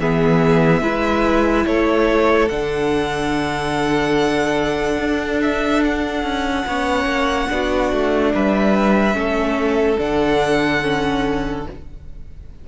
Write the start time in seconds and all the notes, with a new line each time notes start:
0.00 E3 B3 G#4 E5
0.82 G#3 E4 B4
1.66 A3 A4 C#5
2.49 D3 D4 F#5
4.99 D4
5.42 E5
5.85 F#5
6.23 C#4
6.67 B3 C#4 C#5
7.06 A#3
7.49 B3 D4 F#4
7.93 A3
8.34 G3 B4 E5
9.14 A3 C#4 A4
9.98 D3 D4 F#5
10.82 C#4